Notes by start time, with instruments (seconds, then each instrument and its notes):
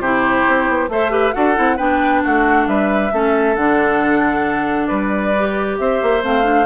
0.00 bassoon C3, clarinet E4, oboe G4, flute C5
0.49 bassoon C4
0.69 bassoon B3
0.89 bassoon A3, clarinet A4, oboe C5, flute E5
1.10 clarinet G4, oboe B4
1.33 bassoon D4, clarinet F#4, oboe A4, flute F#5
1.56 bassoon C4, clarinet E4
1.77 bassoon B3, clarinet D4, oboe B4, flute G5
2.24 bassoon A3, oboe F#4, flute F#5
2.68 bassoon G3, oboe B4, flute E5
3.12 bassoon A3, clarinet C#4, oboe A4
3.56 bassoon D3, clarinet D4, flute F#5
4.87 bassoon G3, oboe B4, flute D5
5.38 clarinet G4
5.79 bassoon C4, oboe C5, flute E5
6.03 bassoon A#3
6.23 bassoon A3, clarinet C4, flute F5
6.43 clarinet D4